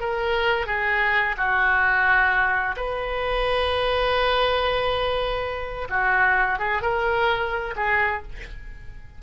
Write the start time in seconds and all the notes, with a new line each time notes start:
0.00 A#4
0.66 G#4
1.37 F#4
2.77 B4
5.90 F#4
6.59 G#4
6.82 A#4
7.76 G#4